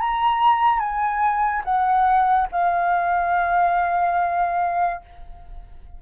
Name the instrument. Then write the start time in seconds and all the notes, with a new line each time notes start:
flute
0.00 A#5
0.79 G#5
1.65 F#5
2.52 F5